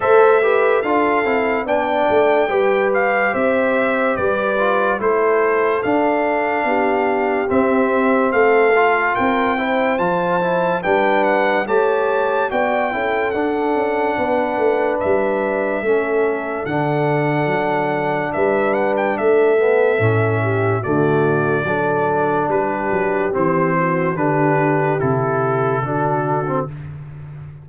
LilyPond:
<<
  \new Staff \with { instrumentName = "trumpet" } { \time 4/4 \tempo 4 = 72 e''4 f''4 g''4. f''8 | e''4 d''4 c''4 f''4~ | f''4 e''4 f''4 g''4 | a''4 g''8 fis''8 a''4 g''4 |
fis''2 e''2 | fis''2 e''8 fis''16 g''16 e''4~ | e''4 d''2 b'4 | c''4 b'4 a'2 | }
  \new Staff \with { instrumentName = "horn" } { \time 4/4 c''8 b'8 a'4 d''4 b'4 | c''4 b'4 a'2 | g'2 a'4 ais'8 c''8~ | c''4 b'4 cis''4 d''8 a'8~ |
a'4 b'2 a'4~ | a'2 b'4 a'4~ | a'8 g'8 fis'4 a'4 g'4~ | g'8 fis'8 g'2 fis'4 | }
  \new Staff \with { instrumentName = "trombone" } { \time 4/4 a'8 g'8 f'8 e'8 d'4 g'4~ | g'4. f'8 e'4 d'4~ | d'4 c'4. f'4 e'8 | f'8 e'8 d'4 g'4 fis'8 e'8 |
d'2. cis'4 | d'2.~ d'8 b8 | cis'4 a4 d'2 | c'4 d'4 e'4 d'8. c'16 | }
  \new Staff \with { instrumentName = "tuba" } { \time 4/4 a4 d'8 c'8 b8 a8 g4 | c'4 g4 a4 d'4 | b4 c'4 a4 c'4 | f4 g4 a4 b8 cis'8 |
d'8 cis'8 b8 a8 g4 a4 | d4 fis4 g4 a4 | a,4 d4 fis4 g8 fis8 | e4 d4 c4 d4 | }
>>